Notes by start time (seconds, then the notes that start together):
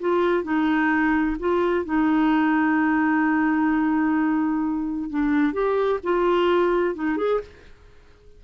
0.00 F4
0.44 D#4
1.40 F4
1.85 D#4
5.10 D4
5.53 G4
6.04 F4
6.96 D#4
7.17 G#4